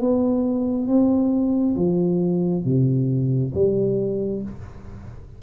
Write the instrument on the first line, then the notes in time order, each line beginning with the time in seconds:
tuba
0.00 B3
0.87 C4
1.76 F3
2.64 C3
3.54 G3